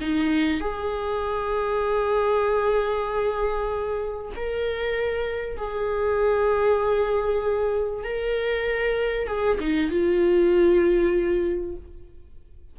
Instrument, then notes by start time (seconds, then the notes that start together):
viola
0.00 D#4
0.60 G#4
4.36 A#4
5.57 G#4
8.04 A#4
9.27 G#4
9.60 D#4
9.90 F4